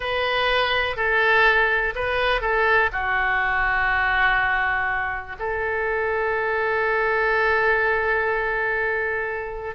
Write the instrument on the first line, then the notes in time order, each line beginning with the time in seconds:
oboe
0.00 B4
0.96 A4
1.95 B4
2.41 A4
2.92 F#4
5.39 A4